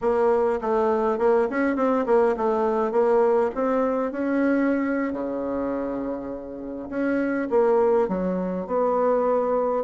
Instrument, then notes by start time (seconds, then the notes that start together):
bassoon
0.01 A#3
0.61 A3
1.18 A#3
1.50 C#4
1.75 C4
2.06 A#3
2.36 A3
2.91 A#3
3.55 C4
4.11 C#4
5.12 C#3
6.89 C#4
7.50 A#3
8.08 F#3
8.66 B3